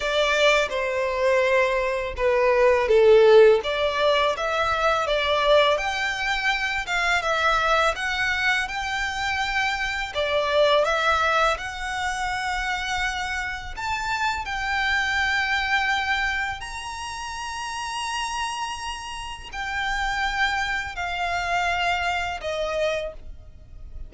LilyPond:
\new Staff \with { instrumentName = "violin" } { \time 4/4 \tempo 4 = 83 d''4 c''2 b'4 | a'4 d''4 e''4 d''4 | g''4. f''8 e''4 fis''4 | g''2 d''4 e''4 |
fis''2. a''4 | g''2. ais''4~ | ais''2. g''4~ | g''4 f''2 dis''4 | }